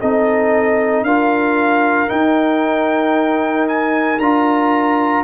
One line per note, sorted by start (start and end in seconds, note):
0.00 1.02 C4
0.00 1.07 D#4
0.00 1.05 A4
0.00 1.04 D#5
1.02 2.07 D4
1.02 2.08 F4
1.02 5.23 A#4
1.02 2.09 F5
2.08 4.18 D#4
2.08 3.67 G5
3.68 4.19 G#5
4.18 5.23 D4
4.18 5.23 F4
4.18 5.23 A#5